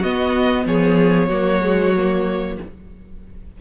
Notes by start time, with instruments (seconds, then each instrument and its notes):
0.00 cello B3, viola B3, violin F#4 D#5
0.66 cello F3, violin G#4 C#5
1.29 cello F#3, viola A#3, violin F#4
1.62 viola G#3
1.97 viola A#3